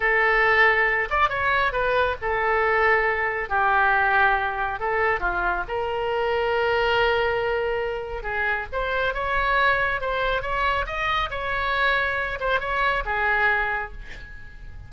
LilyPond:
\new Staff \with { instrumentName = "oboe" } { \time 4/4 \tempo 4 = 138 a'2~ a'8 d''8 cis''4 | b'4 a'2. | g'2. a'4 | f'4 ais'2.~ |
ais'2. gis'4 | c''4 cis''2 c''4 | cis''4 dis''4 cis''2~ | cis''8 c''8 cis''4 gis'2 | }